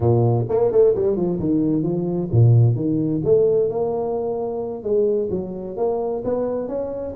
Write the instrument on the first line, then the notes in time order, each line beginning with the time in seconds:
tuba
0.00 A#2
0.49 A#3
0.71 A3
0.95 G3
1.16 F3
1.39 D#3
1.83 F3
2.31 A#2
2.75 D#3
3.24 A3
3.69 A#3
4.83 G#3
5.30 F#3
5.77 A#3
6.24 B3
6.68 C#4